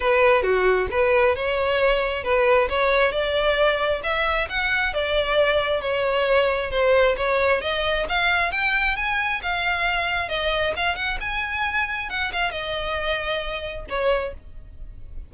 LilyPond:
\new Staff \with { instrumentName = "violin" } { \time 4/4 \tempo 4 = 134 b'4 fis'4 b'4 cis''4~ | cis''4 b'4 cis''4 d''4~ | d''4 e''4 fis''4 d''4~ | d''4 cis''2 c''4 |
cis''4 dis''4 f''4 g''4 | gis''4 f''2 dis''4 | f''8 fis''8 gis''2 fis''8 f''8 | dis''2. cis''4 | }